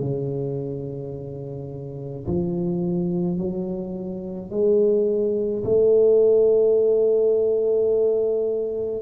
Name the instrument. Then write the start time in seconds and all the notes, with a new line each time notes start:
tuba
0.00 C#3
2.27 F3
3.38 F#3
4.51 G#3
5.64 A3